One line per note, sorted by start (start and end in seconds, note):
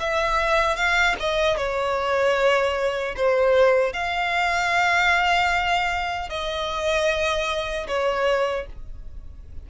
0.00 0.76 E5
0.76 1.16 F5
1.20 1.58 D#5
1.58 3.15 C#5
3.17 3.93 C5
3.93 6.29 F5
6.29 7.87 D#5
7.88 8.67 C#5